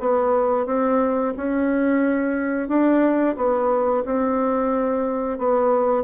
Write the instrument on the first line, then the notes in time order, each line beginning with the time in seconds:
bassoon
0.00 B3
0.66 C4
1.37 C#4
2.68 D4
3.36 B3
4.05 C4
5.38 B3